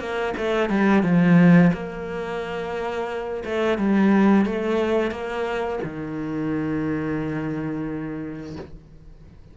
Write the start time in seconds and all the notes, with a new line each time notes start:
0.00 A#3
0.37 A3
0.70 G3
1.03 F3
1.73 A#3
3.45 A3
3.78 G3
4.46 A3
5.11 A#3
5.84 D#3